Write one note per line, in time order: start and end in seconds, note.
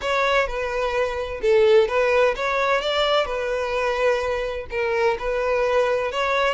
0.01 0.47 C#5
0.47 1.41 B4
1.41 1.87 A4
1.87 2.34 B4
2.35 2.81 C#5
2.81 3.25 D5
3.25 4.66 B4
4.70 5.17 A#4
5.18 6.11 B4
6.11 6.54 C#5